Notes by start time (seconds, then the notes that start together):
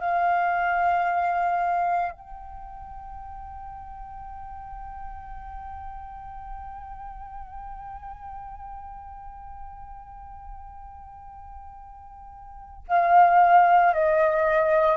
0.00 F5
2.12 G5
12.88 F5
13.94 D#5